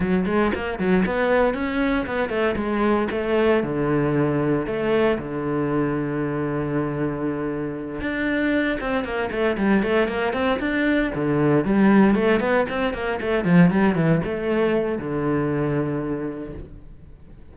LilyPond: \new Staff \with { instrumentName = "cello" } { \time 4/4 \tempo 4 = 116 fis8 gis8 ais8 fis8 b4 cis'4 | b8 a8 gis4 a4 d4~ | d4 a4 d2~ | d2.~ d8 d'8~ |
d'4 c'8 ais8 a8 g8 a8 ais8 | c'8 d'4 d4 g4 a8 | b8 c'8 ais8 a8 f8 g8 e8 a8~ | a4 d2. | }